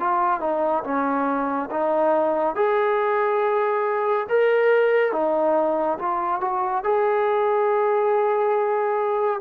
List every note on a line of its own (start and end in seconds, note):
0.00 0.41 F4
0.41 0.83 D#4
0.84 1.70 C#4
1.71 2.56 D#4
2.56 4.27 G#4
4.29 5.13 A#4
5.13 5.98 D#4
5.99 6.41 F4
6.41 6.84 F#4
6.84 9.41 G#4